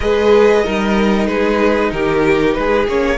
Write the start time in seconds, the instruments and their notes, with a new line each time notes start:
0.00 cello G#3, viola G#4, violin B4 D#5
0.64 cello G3, viola D#4, violin A#4
1.26 cello G#3, violin G#4 B4
1.91 cello D#3, violin G4 A#4
2.54 cello G#3, violin G#4 B4
2.87 cello A#3, viola C#4, violin C#5